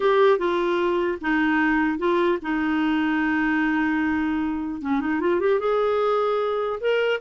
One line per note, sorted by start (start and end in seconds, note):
0.00 0.38 G4
0.38 1.18 F4
1.21 1.98 D#4
1.98 2.38 F4
2.41 4.81 D#4
4.81 5.00 C#4
5.00 5.20 D#4
5.20 5.40 F4
5.40 5.59 G4
5.59 6.79 G#4
6.80 7.20 A#4